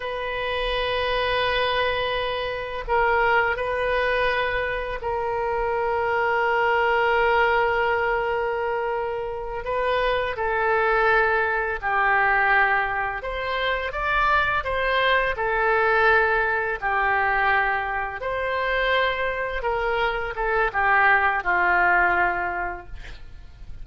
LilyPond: \new Staff \with { instrumentName = "oboe" } { \time 4/4 \tempo 4 = 84 b'1 | ais'4 b'2 ais'4~ | ais'1~ | ais'4. b'4 a'4.~ |
a'8 g'2 c''4 d''8~ | d''8 c''4 a'2 g'8~ | g'4. c''2 ais'8~ | ais'8 a'8 g'4 f'2 | }